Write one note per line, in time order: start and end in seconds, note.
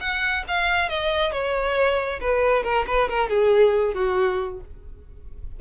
0.00 0.44 F#5
0.48 0.89 F5
0.89 1.32 D#5
1.32 2.20 C#5
2.20 2.64 B4
2.64 2.85 A#4
2.87 3.09 B4
3.09 3.29 A#4
3.29 3.94 G#4
3.94 4.60 F#4